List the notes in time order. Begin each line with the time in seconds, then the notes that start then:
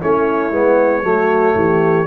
0.00 A3 C#4 E4 C#5
0.51 G#3 B3
1.03 F#3 A3 F#4
1.55 E3 G4